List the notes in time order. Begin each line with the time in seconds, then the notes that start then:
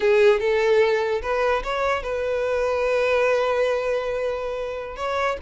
0.00 G#4
0.40 A4
1.22 B4
1.63 C#5
2.02 B4
4.96 C#5